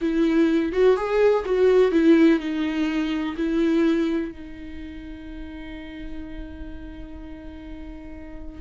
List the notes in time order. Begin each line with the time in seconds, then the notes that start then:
0.01 E4
0.72 F#4
0.96 G#4
1.45 F#4
1.91 E4
2.39 D#4
3.36 E4
4.31 D#4